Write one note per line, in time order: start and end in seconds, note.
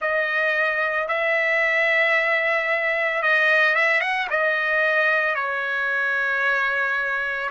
0.00 1.08 D#5
1.08 3.22 E5
3.22 3.75 D#5
3.75 4.00 E5
4.00 4.27 F#5
4.30 5.35 D#5
5.35 7.49 C#5